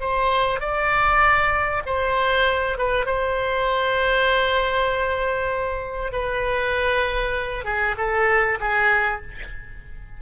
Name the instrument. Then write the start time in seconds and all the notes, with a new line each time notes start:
oboe
0.00 C5
0.60 D5
1.86 C5
2.77 B4
3.06 C5
6.12 B4
7.64 G#4
7.97 A4
8.60 G#4